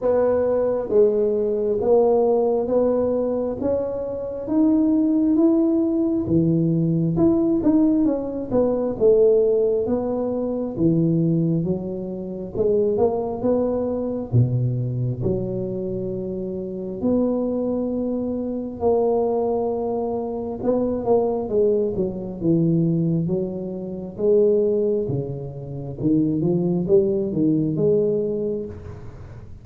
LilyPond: \new Staff \with { instrumentName = "tuba" } { \time 4/4 \tempo 4 = 67 b4 gis4 ais4 b4 | cis'4 dis'4 e'4 e4 | e'8 dis'8 cis'8 b8 a4 b4 | e4 fis4 gis8 ais8 b4 |
b,4 fis2 b4~ | b4 ais2 b8 ais8 | gis8 fis8 e4 fis4 gis4 | cis4 dis8 f8 g8 dis8 gis4 | }